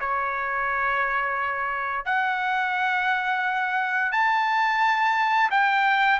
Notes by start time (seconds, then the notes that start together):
0.00 C#5
2.05 F#5
4.12 A5
5.51 G5